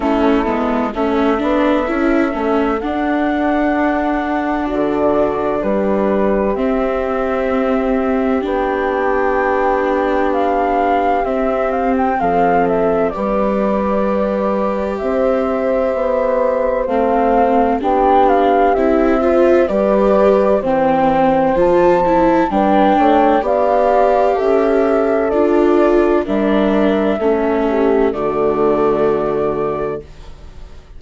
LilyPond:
<<
  \new Staff \with { instrumentName = "flute" } { \time 4/4 \tempo 4 = 64 a'4 e''2 fis''4~ | fis''4 d''4 b'4 e''4~ | e''4 g''2 f''4 | e''8 f''16 g''16 f''8 e''8 d''2 |
e''2 f''4 g''8 f''8 | e''4 d''4 g''4 a''4 | g''4 f''4 e''4 d''4 | e''2 d''2 | }
  \new Staff \with { instrumentName = "horn" } { \time 4/4 e'4 a'2.~ | a'4 fis'4 g'2~ | g'1~ | g'4 a'4 b'2 |
c''2. g'4~ | g'8 c''8 b'4 c''2 | b'8 cis''8 d''4 a'2 | ais'4 a'8 g'8 fis'2 | }
  \new Staff \with { instrumentName = "viola" } { \time 4/4 cis'8 b8 cis'8 d'8 e'8 cis'8 d'4~ | d'2. c'4~ | c'4 d'2. | c'2 g'2~ |
g'2 c'4 d'4 | e'8 f'8 g'4 c'4 f'8 e'8 | d'4 g'2 f'4 | d'4 cis'4 a2 | }
  \new Staff \with { instrumentName = "bassoon" } { \time 4/4 a8 gis8 a8 b8 cis'8 a8 d'4~ | d'4 d4 g4 c'4~ | c'4 b2. | c'4 f4 g2 |
c'4 b4 a4 b4 | c'4 g4 e4 f4 | g8 a8 b4 cis'4 d'4 | g4 a4 d2 | }
>>